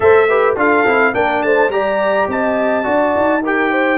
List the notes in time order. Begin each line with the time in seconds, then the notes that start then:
0.00 A3 A4 C5 E5
0.28 G4 B4
0.56 D4 F4 A4 F5
0.86 C4 E4
1.13 A#3 D4 A#4 G5
1.42 A3 C5 A5
1.69 G3 G4 D5 A#5
2.27 C4 D#5 A5
2.83 D4 F#4 D5
3.16 D#4
3.42 G4 A#4 G5
3.70 C5